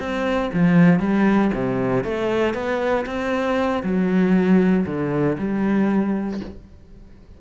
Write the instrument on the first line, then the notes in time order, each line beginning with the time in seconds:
cello
0.00 C4
0.54 F3
1.00 G3
1.54 C3
2.05 A3
2.55 B3
3.06 C4
3.84 F#3
4.86 D3
5.38 G3